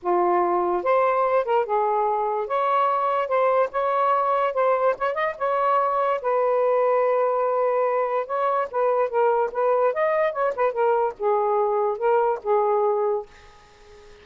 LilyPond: \new Staff \with { instrumentName = "saxophone" } { \time 4/4 \tempo 4 = 145 f'2 c''4. ais'8 | gis'2 cis''2 | c''4 cis''2 c''4 | cis''8 dis''8 cis''2 b'4~ |
b'1 | cis''4 b'4 ais'4 b'4 | dis''4 cis''8 b'8 ais'4 gis'4~ | gis'4 ais'4 gis'2 | }